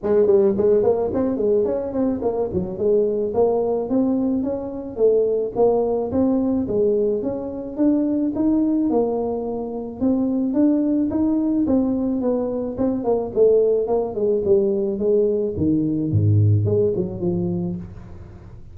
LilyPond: \new Staff \with { instrumentName = "tuba" } { \time 4/4 \tempo 4 = 108 gis8 g8 gis8 ais8 c'8 gis8 cis'8 c'8 | ais8 fis8 gis4 ais4 c'4 | cis'4 a4 ais4 c'4 | gis4 cis'4 d'4 dis'4 |
ais2 c'4 d'4 | dis'4 c'4 b4 c'8 ais8 | a4 ais8 gis8 g4 gis4 | dis4 gis,4 gis8 fis8 f4 | }